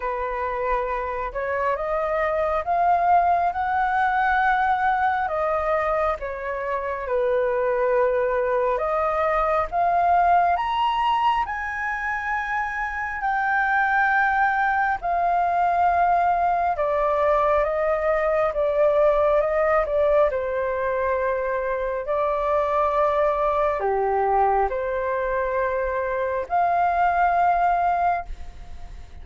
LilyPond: \new Staff \with { instrumentName = "flute" } { \time 4/4 \tempo 4 = 68 b'4. cis''8 dis''4 f''4 | fis''2 dis''4 cis''4 | b'2 dis''4 f''4 | ais''4 gis''2 g''4~ |
g''4 f''2 d''4 | dis''4 d''4 dis''8 d''8 c''4~ | c''4 d''2 g'4 | c''2 f''2 | }